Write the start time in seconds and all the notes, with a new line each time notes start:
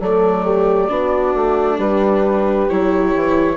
0.00 F#3 A3 A4 D5
0.45 G4
0.89 B3 D4 F#4
1.35 A3
1.77 G3 G4 B4
2.69 F#3 E4 C#5
3.15 E3